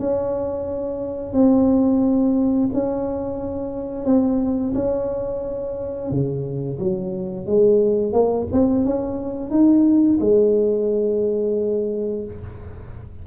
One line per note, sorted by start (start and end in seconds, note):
0.00 1.34 C#4
1.34 2.70 C4
2.74 4.06 C#4
4.06 4.74 C4
4.75 6.11 C#4
6.11 6.79 C#3
6.80 7.47 F#3
7.47 8.13 G#3
8.13 8.47 A#3
8.53 8.86 C4
8.86 9.51 C#4
9.51 10.19 D#4
10.21 12.25 G#3